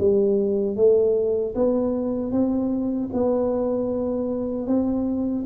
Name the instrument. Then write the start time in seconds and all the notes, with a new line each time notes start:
tuba
0.00 G3
0.77 A3
1.55 B3
2.32 C4
3.13 B3
4.68 C4